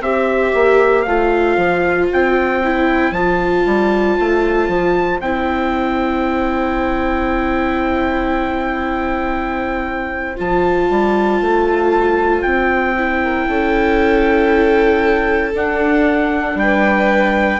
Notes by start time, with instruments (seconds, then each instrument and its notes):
0.00 bassoon C4, viola G4, violin C5, trumpet E5
0.54 bassoon A#3
1.02 bassoon A3, viola F4, trumpet F5
1.57 bassoon F3
2.12 bassoon C4, trumpet G5
2.63 viola E4
3.11 bassoon F3, viola F4, trumpet A5
3.66 bassoon G3
4.19 bassoon A3
4.68 bassoon F3
5.20 bassoon C4, viola E4, trumpet G5
10.36 bassoon F3, viola F4, trumpet A5
10.89 bassoon G3
11.41 bassoon A3
12.42 bassoon C4, trumpet G5
12.96 viola E4
13.23 violin A#4
13.47 bassoon C#4, violin A4
15.54 bassoon D4, viola D4, trumpet F#5
16.54 bassoon G3, trumpet G5
16.62 violin B4